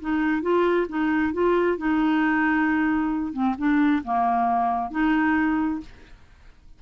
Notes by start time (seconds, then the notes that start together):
0.00 D#4
0.42 F4
0.89 D#4
1.33 F4
1.77 D#4
3.32 C4
3.58 D4
4.03 A#3
4.90 D#4